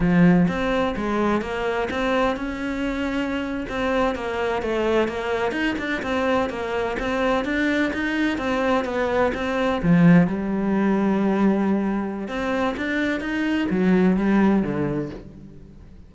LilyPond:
\new Staff \with { instrumentName = "cello" } { \time 4/4 \tempo 4 = 127 f4 c'4 gis4 ais4 | c'4 cis'2~ cis'8. c'16~ | c'8. ais4 a4 ais4 dis'16~ | dis'16 d'8 c'4 ais4 c'4 d'16~ |
d'8. dis'4 c'4 b4 c'16~ | c'8. f4 g2~ g16~ | g2 c'4 d'4 | dis'4 fis4 g4 d4 | }